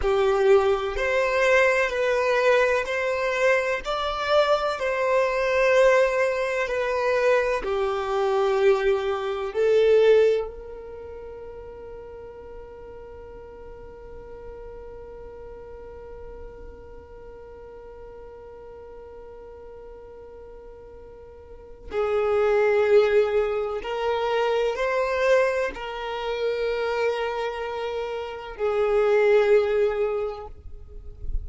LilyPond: \new Staff \with { instrumentName = "violin" } { \time 4/4 \tempo 4 = 63 g'4 c''4 b'4 c''4 | d''4 c''2 b'4 | g'2 a'4 ais'4~ | ais'1~ |
ais'1~ | ais'2. gis'4~ | gis'4 ais'4 c''4 ais'4~ | ais'2 gis'2 | }